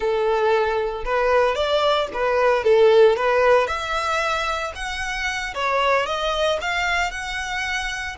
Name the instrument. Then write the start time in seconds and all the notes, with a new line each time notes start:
violin
0.00 A4
1.04 B4
1.55 D5
2.13 B4
2.64 A4
3.16 B4
3.67 E5
4.75 F#5
5.54 C#5
6.06 D#5
6.61 F5
7.11 F#5